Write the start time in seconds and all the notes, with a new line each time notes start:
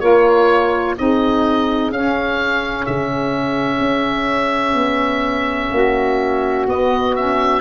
0.00 A#3 F4 A#4 C#5
0.96 C4 D#4 G#4 D#5
1.90 C#4 F5
2.85 C#3 E5
3.79 C#4
4.74 B3
5.71 A#3 F#4
6.67 B3 D#5
7.15 C#4 E5